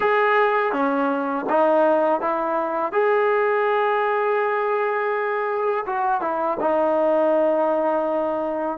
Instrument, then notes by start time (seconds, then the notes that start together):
trombone
0.00 G#4
0.72 C#4
1.49 D#4
2.20 E4
2.92 G#4
5.85 F#4
6.21 E4
6.60 D#4